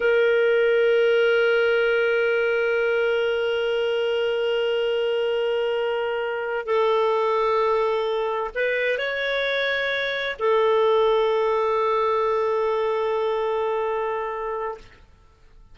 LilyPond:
\new Staff \with { instrumentName = "clarinet" } { \time 4/4 \tempo 4 = 130 ais'1~ | ais'1~ | ais'1~ | ais'2~ ais'8 a'4.~ |
a'2~ a'8 b'4 cis''8~ | cis''2~ cis''8 a'4.~ | a'1~ | a'1 | }